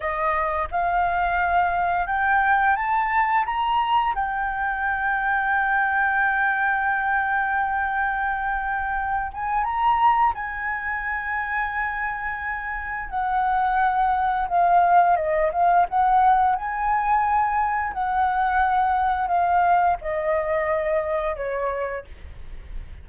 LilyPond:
\new Staff \with { instrumentName = "flute" } { \time 4/4 \tempo 4 = 87 dis''4 f''2 g''4 | a''4 ais''4 g''2~ | g''1~ | g''4. gis''8 ais''4 gis''4~ |
gis''2. fis''4~ | fis''4 f''4 dis''8 f''8 fis''4 | gis''2 fis''2 | f''4 dis''2 cis''4 | }